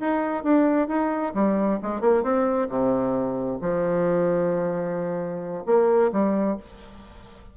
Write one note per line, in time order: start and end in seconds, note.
0.00 0.44 D#4
0.44 0.88 D4
0.88 1.33 D#4
1.35 1.80 G3
1.82 2.01 G#3
2.01 2.23 A#3
2.23 2.68 C4
2.69 3.59 C3
3.61 5.64 F3
5.66 6.11 A#3
6.12 6.57 G3